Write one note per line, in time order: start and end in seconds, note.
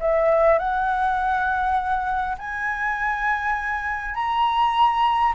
0.00 0.58 E5
0.58 2.37 F#5
2.38 4.14 G#5
4.14 5.33 A#5